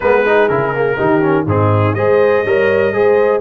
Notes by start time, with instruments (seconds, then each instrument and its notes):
0.00 tuba G#3, trombone B3, horn A#4, trumpet B4
0.23 trombone D#4, horn G#4
0.48 tuba C#3, trombone E4, trumpet A#4
0.73 trombone A#3
0.96 tuba D#3, trombone D#4, horn G4
1.21 trombone C#4
1.46 tuba G#2, trombone C4, horn D#4, trumpet G#4
1.94 tuba G#3, trombone G#4, horn C5, trumpet D#5
2.44 tuba G3, trombone A#4, horn C#5
2.93 tuba G#3, trombone G#4, horn C5